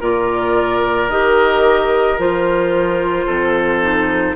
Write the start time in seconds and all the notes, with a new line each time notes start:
0.00 A#2 F4 A#4 D5
1.09 D#3 G4 D#5
2.18 F3 F4 C5
3.26 F2 A4
3.82 D#4